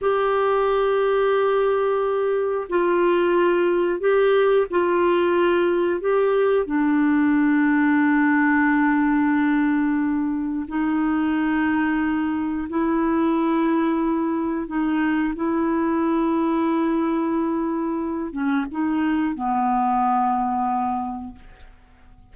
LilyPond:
\new Staff \with { instrumentName = "clarinet" } { \time 4/4 \tempo 4 = 90 g'1 | f'2 g'4 f'4~ | f'4 g'4 d'2~ | d'1 |
dis'2. e'4~ | e'2 dis'4 e'4~ | e'2.~ e'8 cis'8 | dis'4 b2. | }